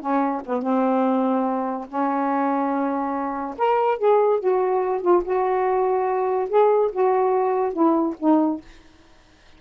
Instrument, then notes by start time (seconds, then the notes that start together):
saxophone
0.00 C#4
0.46 B3
0.62 C4
1.88 C#4
3.58 A#4
3.98 G#4
4.40 F#4
5.02 F4
5.24 F#4
6.49 G#4
6.92 F#4
7.73 E4
8.19 D#4